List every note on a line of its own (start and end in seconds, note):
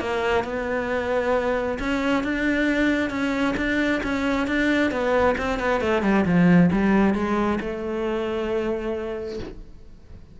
0.00 0.44 A#3
0.44 1.78 B3
1.79 2.23 C#4
2.23 3.10 D4
3.10 3.55 C#4
3.57 4.02 D4
4.03 4.47 C#4
4.47 4.91 D4
4.91 5.36 B3
5.38 5.59 C4
5.59 5.81 B3
5.81 6.02 A3
6.02 6.25 G3
6.25 6.70 F3
6.72 7.15 G3
7.15 7.59 G#3
7.60 9.39 A3